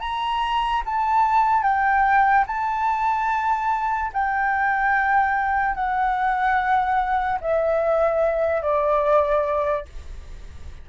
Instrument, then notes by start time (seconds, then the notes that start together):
flute
0.00 A#5
0.85 A5
1.63 G5
2.47 A5
4.13 G5
5.75 F#5
7.40 E5
8.62 D5